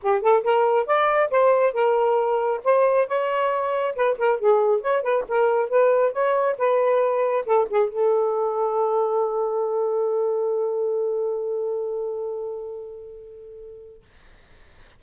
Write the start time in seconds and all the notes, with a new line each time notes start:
0.02 G4
0.21 A4
0.43 A#4
0.86 D5
1.30 C5
1.73 A#4
2.64 C5
3.07 C#5
3.95 B4
4.17 A#4
4.39 G#4
4.81 C#5
5.02 B4
5.28 A#4
5.69 B4
6.12 C#5
6.58 B4
7.46 A4
7.69 G#4
7.89 A4